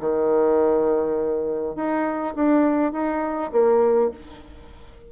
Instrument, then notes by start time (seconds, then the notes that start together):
bassoon
0.00 D#3
1.76 D#4
2.35 D4
2.92 D#4
3.52 A#3